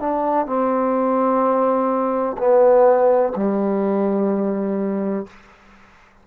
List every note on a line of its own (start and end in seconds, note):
0.00 0.46 D4
0.46 2.37 C4
2.38 3.33 B3
3.36 5.26 G3